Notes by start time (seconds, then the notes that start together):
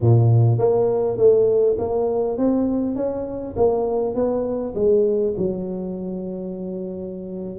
0.00 A#2
0.58 A#3
1.17 A3
1.78 A#3
2.37 C4
2.95 C#4
3.56 A#3
4.14 B3
4.74 G#3
5.37 F#3